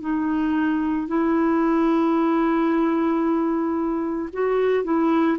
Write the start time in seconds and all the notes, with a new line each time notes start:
0.00 D#4
1.07 E4
4.32 F#4
4.84 E4